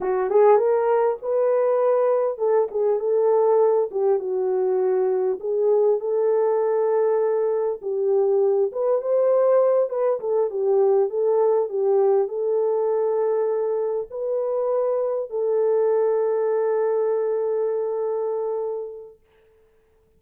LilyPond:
\new Staff \with { instrumentName = "horn" } { \time 4/4 \tempo 4 = 100 fis'8 gis'8 ais'4 b'2 | a'8 gis'8 a'4. g'8 fis'4~ | fis'4 gis'4 a'2~ | a'4 g'4. b'8 c''4~ |
c''8 b'8 a'8 g'4 a'4 g'8~ | g'8 a'2. b'8~ | b'4. a'2~ a'8~ | a'1 | }